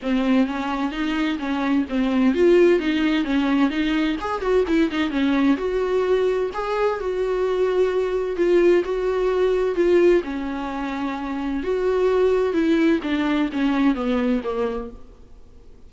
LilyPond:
\new Staff \with { instrumentName = "viola" } { \time 4/4 \tempo 4 = 129 c'4 cis'4 dis'4 cis'4 | c'4 f'4 dis'4 cis'4 | dis'4 gis'8 fis'8 e'8 dis'8 cis'4 | fis'2 gis'4 fis'4~ |
fis'2 f'4 fis'4~ | fis'4 f'4 cis'2~ | cis'4 fis'2 e'4 | d'4 cis'4 b4 ais4 | }